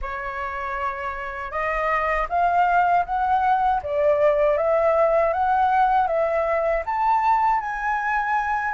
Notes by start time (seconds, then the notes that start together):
0.01 C#5
1.51 D#5
2.29 F5
3.05 F#5
3.83 D5
4.57 E5
5.33 F#5
6.07 E5
6.85 A5
7.60 G#5